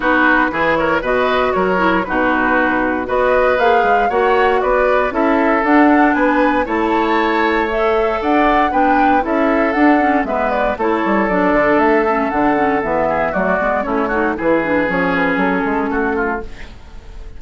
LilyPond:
<<
  \new Staff \with { instrumentName = "flute" } { \time 4/4 \tempo 4 = 117 b'4. cis''8 dis''4 cis''4 | b'2 dis''4 f''4 | fis''4 d''4 e''4 fis''4 | gis''4 a''2 e''4 |
fis''4 g''4 e''4 fis''4 | e''8 d''8 cis''4 d''4 e''4 | fis''4 e''4 d''4 cis''4 | b'4 cis''8 b'8 a'2 | }
  \new Staff \with { instrumentName = "oboe" } { \time 4/4 fis'4 gis'8 ais'8 b'4 ais'4 | fis'2 b'2 | cis''4 b'4 a'2 | b'4 cis''2. |
d''4 b'4 a'2 | b'4 a'2.~ | a'4. gis'8 fis'4 e'8 fis'8 | gis'2. fis'8 f'8 | }
  \new Staff \with { instrumentName = "clarinet" } { \time 4/4 dis'4 e'4 fis'4. e'8 | dis'2 fis'4 gis'4 | fis'2 e'4 d'4~ | d'4 e'2 a'4~ |
a'4 d'4 e'4 d'8 cis'8 | b4 e'4 d'4. cis'8 | d'8 cis'8 b4 a8 b8 cis'8 dis'8 | e'8 d'8 cis'2. | }
  \new Staff \with { instrumentName = "bassoon" } { \time 4/4 b4 e4 b,4 fis4 | b,2 b4 ais8 gis8 | ais4 b4 cis'4 d'4 | b4 a2. |
d'4 b4 cis'4 d'4 | gis4 a8 g8 fis8 d8 a4 | d4 e4 fis8 gis8 a4 | e4 f4 fis8 gis8 a4 | }
>>